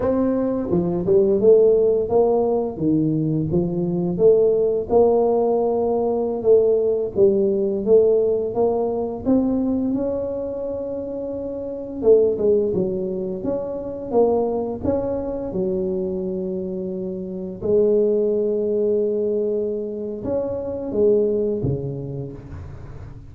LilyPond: \new Staff \with { instrumentName = "tuba" } { \time 4/4 \tempo 4 = 86 c'4 f8 g8 a4 ais4 | dis4 f4 a4 ais4~ | ais4~ ais16 a4 g4 a8.~ | a16 ais4 c'4 cis'4.~ cis'16~ |
cis'4~ cis'16 a8 gis8 fis4 cis'8.~ | cis'16 ais4 cis'4 fis4.~ fis16~ | fis4~ fis16 gis2~ gis8.~ | gis4 cis'4 gis4 cis4 | }